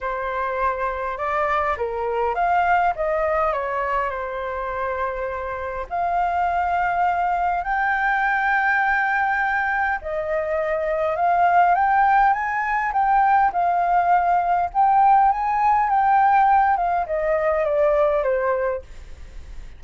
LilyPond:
\new Staff \with { instrumentName = "flute" } { \time 4/4 \tempo 4 = 102 c''2 d''4 ais'4 | f''4 dis''4 cis''4 c''4~ | c''2 f''2~ | f''4 g''2.~ |
g''4 dis''2 f''4 | g''4 gis''4 g''4 f''4~ | f''4 g''4 gis''4 g''4~ | g''8 f''8 dis''4 d''4 c''4 | }